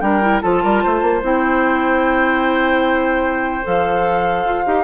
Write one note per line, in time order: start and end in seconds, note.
0.00 0.41 G3
0.00 0.21 D4
0.00 0.42 A#4
0.00 0.40 G5
0.21 0.41 E4
0.42 0.64 F3
0.42 1.22 F4
0.42 0.62 A4
0.42 1.22 A5
0.63 0.84 G3
0.63 0.83 A#4
0.83 1.02 A3
0.83 4.83 C5
1.02 1.22 A#3
1.22 3.64 C4
1.22 3.64 E4
1.22 3.67 G5
3.64 4.45 F3
3.64 4.64 A4
3.64 4.83 F5
4.45 4.65 F4
4.66 4.83 D#4
4.66 4.83 G4